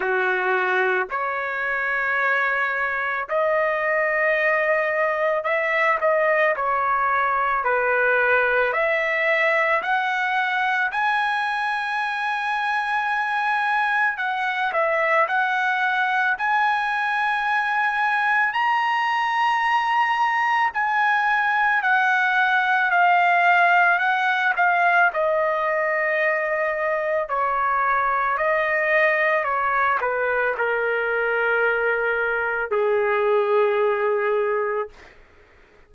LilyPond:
\new Staff \with { instrumentName = "trumpet" } { \time 4/4 \tempo 4 = 55 fis'4 cis''2 dis''4~ | dis''4 e''8 dis''8 cis''4 b'4 | e''4 fis''4 gis''2~ | gis''4 fis''8 e''8 fis''4 gis''4~ |
gis''4 ais''2 gis''4 | fis''4 f''4 fis''8 f''8 dis''4~ | dis''4 cis''4 dis''4 cis''8 b'8 | ais'2 gis'2 | }